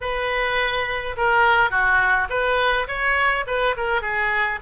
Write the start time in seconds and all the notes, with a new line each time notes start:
0.00 B4
1.16 A#4
1.70 F#4
2.29 B4
2.87 C#5
3.46 B4
3.77 A#4
4.01 G#4